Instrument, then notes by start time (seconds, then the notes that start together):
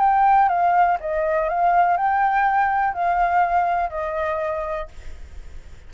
flute
0.00 G5
0.49 F5
1.01 D#5
1.50 F5
1.97 G5
2.94 F5
3.90 D#5